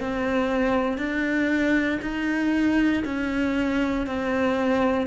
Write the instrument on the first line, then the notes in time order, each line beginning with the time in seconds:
cello
0.00 C4
0.98 D4
2.02 D#4
3.05 C#4
4.06 C4